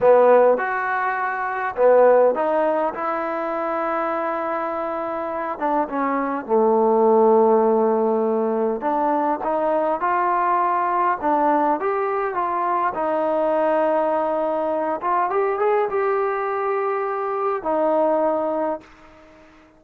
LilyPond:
\new Staff \with { instrumentName = "trombone" } { \time 4/4 \tempo 4 = 102 b4 fis'2 b4 | dis'4 e'2.~ | e'4. d'8 cis'4 a4~ | a2. d'4 |
dis'4 f'2 d'4 | g'4 f'4 dis'2~ | dis'4. f'8 g'8 gis'8 g'4~ | g'2 dis'2 | }